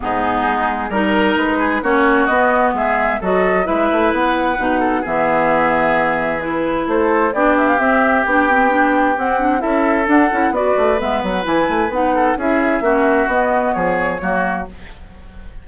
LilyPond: <<
  \new Staff \with { instrumentName = "flute" } { \time 4/4 \tempo 4 = 131 gis'2 ais'4 b'4 | cis''4 dis''4 e''4 dis''4 | e''4 fis''2 e''4~ | e''2 b'4 c''4 |
d''8 e''16 f''16 e''4 g''2 | fis''4 e''4 fis''4 d''4 | e''8 fis''8 gis''4 fis''4 e''4~ | e''4 dis''4 cis''2 | }
  \new Staff \with { instrumentName = "oboe" } { \time 4/4 dis'2 ais'4. gis'8 | fis'2 gis'4 a'4 | b'2~ b'8 a'8 gis'4~ | gis'2. a'4 |
g'1~ | g'4 a'2 b'4~ | b'2~ b'8 a'8 gis'4 | fis'2 gis'4 fis'4 | }
  \new Staff \with { instrumentName = "clarinet" } { \time 4/4 b2 dis'2 | cis'4 b2 fis'4 | e'2 dis'4 b4~ | b2 e'2 |
d'4 c'4 d'8 c'8 d'4 | c'8 d'8 e'4 d'8 e'8 fis'4 | b4 e'4 dis'4 e'4 | cis'4 b2 ais4 | }
  \new Staff \with { instrumentName = "bassoon" } { \time 4/4 gis,4 gis4 g4 gis4 | ais4 b4 gis4 fis4 | gis8 a8 b4 b,4 e4~ | e2. a4 |
b4 c'4 b2 | c'4 cis'4 d'8 cis'8 b8 a8 | gis8 fis8 e8 a8 b4 cis'4 | ais4 b4 f4 fis4 | }
>>